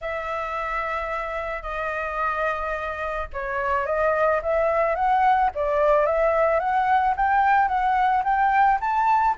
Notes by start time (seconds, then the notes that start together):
0.01 E5
1.62 D#5
3.33 C#5
3.86 D#5
4.42 E5
4.95 F#5
5.54 D5
6.06 E5
6.59 F#5
7.16 G5
7.68 F#5
8.24 G5
8.80 A5